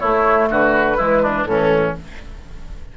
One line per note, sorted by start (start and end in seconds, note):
0.00 0.96 A3
0.00 0.51 A3
0.00 0.49 E4
0.00 0.48 C#5
0.51 0.99 D3
0.51 0.98 F#4
0.51 1.46 B4
0.96 1.46 E3
0.96 1.44 G#3
0.96 1.22 E4
1.23 1.47 D4
1.46 1.94 A2
1.46 1.97 E3
1.46 1.97 C#4
1.46 1.94 A4